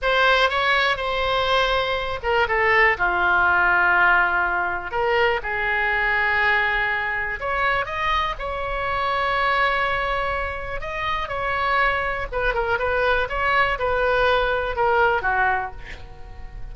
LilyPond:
\new Staff \with { instrumentName = "oboe" } { \time 4/4 \tempo 4 = 122 c''4 cis''4 c''2~ | c''8 ais'8 a'4 f'2~ | f'2 ais'4 gis'4~ | gis'2. cis''4 |
dis''4 cis''2.~ | cis''2 dis''4 cis''4~ | cis''4 b'8 ais'8 b'4 cis''4 | b'2 ais'4 fis'4 | }